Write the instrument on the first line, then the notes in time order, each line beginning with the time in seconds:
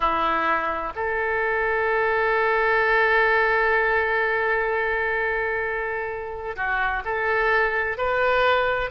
oboe
0.00 E4
0.95 A4
6.55 F#4
7.04 A4
7.97 B4